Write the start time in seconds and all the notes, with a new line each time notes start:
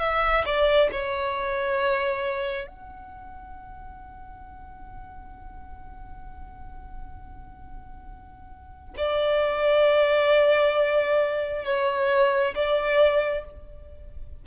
0.00 E5
0.46 D5
0.92 C#5
2.67 F#5
8.98 D5
11.65 C#5
12.55 D5